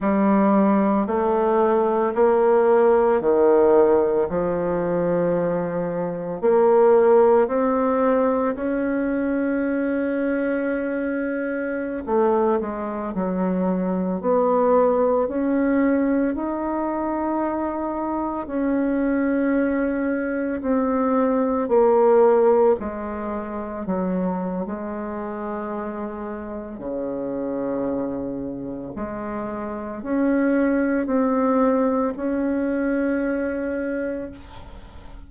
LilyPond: \new Staff \with { instrumentName = "bassoon" } { \time 4/4 \tempo 4 = 56 g4 a4 ais4 dis4 | f2 ais4 c'4 | cis'2.~ cis'16 a8 gis16~ | gis16 fis4 b4 cis'4 dis'8.~ |
dis'4~ dis'16 cis'2 c'8.~ | c'16 ais4 gis4 fis8. gis4~ | gis4 cis2 gis4 | cis'4 c'4 cis'2 | }